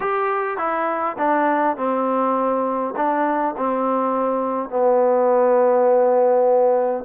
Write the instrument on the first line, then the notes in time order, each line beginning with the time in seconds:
trombone
0.00 G4
0.57 E4
1.18 D4
1.76 C4
2.96 D4
3.57 C4
4.69 B3